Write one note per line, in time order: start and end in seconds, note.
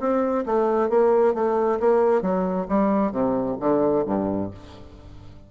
0.00 0.45 C4
0.46 0.90 A3
0.90 1.35 A#3
1.35 1.80 A3
1.80 2.22 A#3
2.22 2.67 F#3
2.69 3.12 G3
3.12 3.57 C3
3.60 4.05 D3
4.06 4.51 G2